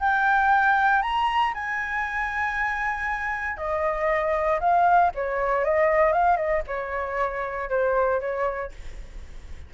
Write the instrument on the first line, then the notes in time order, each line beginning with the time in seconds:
flute
0.00 G5
1.02 A#5
1.55 G#5
3.58 D#5
4.60 F5
5.15 C#5
5.65 D#5
6.13 F5
6.37 D#5
6.68 C#5
7.70 C5
8.21 C#5